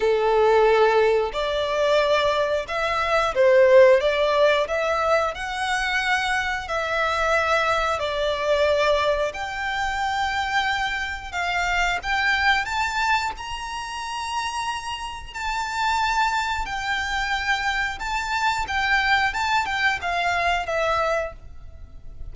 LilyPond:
\new Staff \with { instrumentName = "violin" } { \time 4/4 \tempo 4 = 90 a'2 d''2 | e''4 c''4 d''4 e''4 | fis''2 e''2 | d''2 g''2~ |
g''4 f''4 g''4 a''4 | ais''2. a''4~ | a''4 g''2 a''4 | g''4 a''8 g''8 f''4 e''4 | }